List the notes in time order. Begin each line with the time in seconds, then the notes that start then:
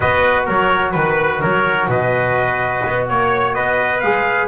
0.00 B3 F#4 B4 D#5
0.45 F#3 A#4 C#5
0.91 D#3 B4
1.41 F#3 A#4 C#5
1.87 B2 B4 D#5
2.86 B3
3.08 A#3 C#5
3.54 B3 B4 D#5
4.00 G#3 G#4 F5